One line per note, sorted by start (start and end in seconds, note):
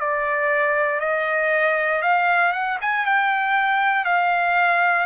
0.00 1.00 D5
1.00 2.02 D#5
2.02 2.52 F5
2.52 2.78 F#5
2.81 3.06 G#5
3.06 4.05 G5
4.05 5.06 F5